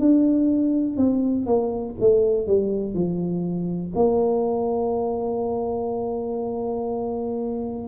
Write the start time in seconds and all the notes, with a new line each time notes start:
0.00 D4
0.97 C4
1.46 A#3
2.00 A3
2.47 G3
2.94 F3
3.96 A#3